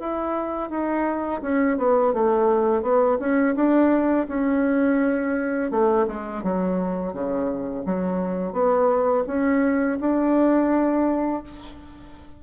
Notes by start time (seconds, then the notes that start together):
0.00 E4
0.70 D#4
1.42 C#4
1.78 B3
2.14 A3
2.82 B3
3.20 C#4
3.56 D4
4.29 C#4
5.71 A3
6.08 G#3
6.44 F#3
7.13 C#3
7.86 F#3
8.53 B3
9.27 C#4
10.00 D4